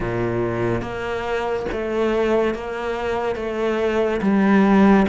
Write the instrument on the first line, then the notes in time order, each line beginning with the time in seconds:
cello
0.00 A#2
0.81 A#3
1.72 A3
2.54 A#3
3.35 A3
4.21 G3